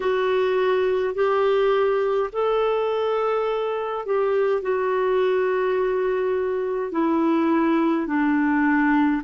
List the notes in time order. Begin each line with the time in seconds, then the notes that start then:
0.00 F#4
1.14 G4
2.32 A4
4.05 G4
4.62 F#4
6.91 E4
8.06 D4